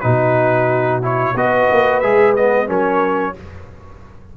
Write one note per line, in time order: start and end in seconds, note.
0.00 1.34 B2
0.00 1.02 D#4
0.00 1.36 F#4
0.00 1.00 B4
1.02 1.35 E4
1.02 1.37 C#5
1.34 1.67 B3
1.34 2.02 F#4
1.34 2.68 B4
1.34 2.00 D#5
1.71 2.02 A#3
2.00 2.68 G#3
2.00 2.36 G#4
2.00 2.33 E5
2.36 2.67 B3
2.36 2.69 D#5
2.67 3.35 F#3
2.67 3.33 C#4
2.67 3.34 A#4
2.67 3.37 C#5